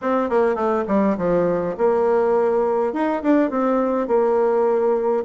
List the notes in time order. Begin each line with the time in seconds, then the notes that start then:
0.01 C4
0.29 A#3
0.55 A3
0.87 G3
1.17 F3
1.77 A#3
2.93 D#4
3.22 D4
3.50 C4
4.07 A#3